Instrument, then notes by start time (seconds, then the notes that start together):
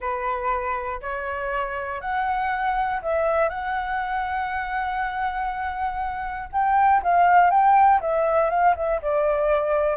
flute
0.00 B4
1.01 C#5
2.00 F#5
3.02 E5
3.49 F#5
6.52 G5
7.02 F5
7.50 G5
8.00 E5
8.50 F5
8.75 E5
9.02 D5